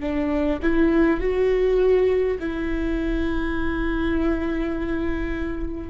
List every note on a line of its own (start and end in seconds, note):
0.00 0.59 D4
0.62 1.20 E4
1.20 2.38 F#4
2.40 5.89 E4